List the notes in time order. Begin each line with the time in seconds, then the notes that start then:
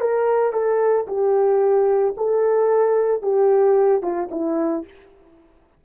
0.00 A#4
0.52 A4
1.07 G4
2.17 A4
3.22 G4
4.02 F4
4.31 E4